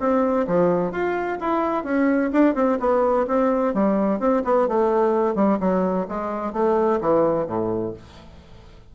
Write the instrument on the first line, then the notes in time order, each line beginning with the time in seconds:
bassoon
0.00 C4
0.47 F3
0.92 F4
1.41 E4
1.84 C#4
2.33 D4
2.55 C4
2.80 B3
3.27 C4
3.74 G3
4.20 C4
4.45 B3
4.68 A3
5.35 G3
5.60 F#3
6.09 G#3
6.53 A3
7.01 E3
7.47 A2